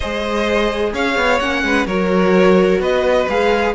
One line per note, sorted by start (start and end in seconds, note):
0.00 0.93 G#3
0.00 1.41 G#4
0.00 0.92 C5
0.00 0.93 D#5
0.93 1.16 C#4
0.93 1.64 C#5
0.93 1.39 F5
1.16 1.39 B3
1.39 1.62 A#3
1.39 1.88 C#4
1.39 1.86 F#5
1.62 1.86 G#3
1.62 1.87 B4
1.86 2.79 F#3
1.86 3.29 F#4
1.86 2.80 A#4
1.86 2.80 C#5
2.79 3.26 B3
2.79 3.74 B4
2.79 3.28 D#5
3.29 3.75 G#3
3.29 3.75 G#4
3.29 3.75 F5